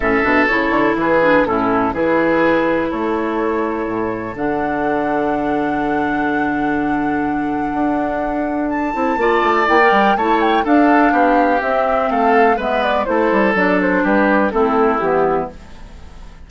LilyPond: <<
  \new Staff \with { instrumentName = "flute" } { \time 4/4 \tempo 4 = 124 e''4 cis''4 b'4 a'4 | b'2 cis''2~ | cis''4 fis''2.~ | fis''1~ |
fis''2 a''2 | g''4 a''8 g''8 f''2 | e''4 f''4 e''8 d''8 c''4 | d''8 c''8 b'4 a'4 g'4 | }
  \new Staff \with { instrumentName = "oboe" } { \time 4/4 a'2 gis'4 e'4 | gis'2 a'2~ | a'1~ | a'1~ |
a'2. d''4~ | d''4 cis''4 a'4 g'4~ | g'4 a'4 b'4 a'4~ | a'4 g'4 e'2 | }
  \new Staff \with { instrumentName = "clarinet" } { \time 4/4 cis'8 d'8 e'4. d'8 cis'4 | e'1~ | e'4 d'2.~ | d'1~ |
d'2~ d'8 e'8 f'4 | e'16 ais'8. e'4 d'2 | c'2 b4 e'4 | d'2 c'4 b4 | }
  \new Staff \with { instrumentName = "bassoon" } { \time 4/4 a,8 b,8 cis8 d8 e4 a,4 | e2 a2 | a,4 d2.~ | d1 |
d'2~ d'8 c'8 ais8 a8 | ais8 g8 a4 d'4 b4 | c'4 a4 gis4 a8 g8 | fis4 g4 a4 e4 | }
>>